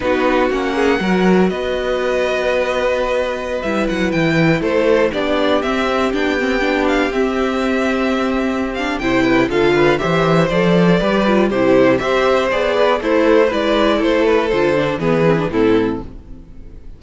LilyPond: <<
  \new Staff \with { instrumentName = "violin" } { \time 4/4 \tempo 4 = 120 b'4 fis''2 dis''4~ | dis''2.~ dis''16 e''8 fis''16~ | fis''16 g''4 c''4 d''4 e''8.~ | e''16 g''4. f''8 e''4.~ e''16~ |
e''4. f''8 g''4 f''4 | e''4 d''2 c''4 | e''4 d''4 c''4 d''4 | c''8 b'8 c''4 b'4 a'4 | }
  \new Staff \with { instrumentName = "violin" } { \time 4/4 fis'4. gis'8 ais'4 b'4~ | b'1~ | b'4~ b'16 a'4 g'4.~ g'16~ | g'1~ |
g'2 c''8 b'8 a'8 b'8 | c''2 b'4 g'4 | c''4. b'8 e'4 b'4 | a'2 gis'4 e'4 | }
  \new Staff \with { instrumentName = "viola" } { \time 4/4 dis'4 cis'4 fis'2~ | fis'2.~ fis'16 e'8.~ | e'2~ e'16 d'4 c'8.~ | c'16 d'8 c'8 d'4 c'4.~ c'16~ |
c'4. d'8 e'4 f'4 | g'4 a'4 g'8 f'8 e'4 | g'4 gis'4 a'4 e'4~ | e'4 f'8 d'8 b8 c'16 d'16 c'4 | }
  \new Staff \with { instrumentName = "cello" } { \time 4/4 b4 ais4 fis4 b4~ | b2.~ b16 g8 fis16~ | fis16 e4 a4 b4 c'8.~ | c'16 b2 c'4.~ c'16~ |
c'2 c4 d4 | e4 f4 g4 c4 | c'4 b4 a4 gis4 | a4 d4 e4 a,4 | }
>>